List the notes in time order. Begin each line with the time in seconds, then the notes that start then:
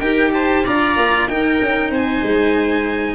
0.00 D#4 G4 A#4 G5
0.33 C5 A5
0.65 D4 F4 D5 A#5
0.97 A#3
1.28 D#4 A#4 G5
1.61 C#4
1.90 C4 C5 G#5
2.23 G#3